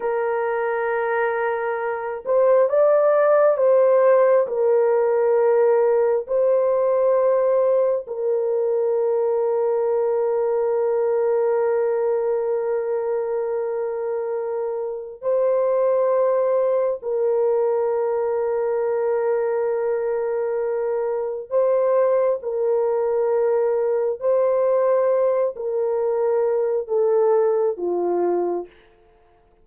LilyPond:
\new Staff \with { instrumentName = "horn" } { \time 4/4 \tempo 4 = 67 ais'2~ ais'8 c''8 d''4 | c''4 ais'2 c''4~ | c''4 ais'2.~ | ais'1~ |
ais'4 c''2 ais'4~ | ais'1 | c''4 ais'2 c''4~ | c''8 ais'4. a'4 f'4 | }